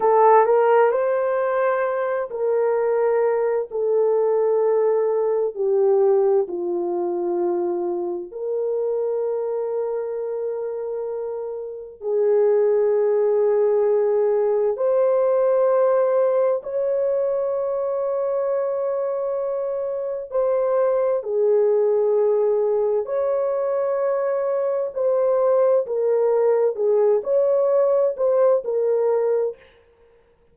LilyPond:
\new Staff \with { instrumentName = "horn" } { \time 4/4 \tempo 4 = 65 a'8 ais'8 c''4. ais'4. | a'2 g'4 f'4~ | f'4 ais'2.~ | ais'4 gis'2. |
c''2 cis''2~ | cis''2 c''4 gis'4~ | gis'4 cis''2 c''4 | ais'4 gis'8 cis''4 c''8 ais'4 | }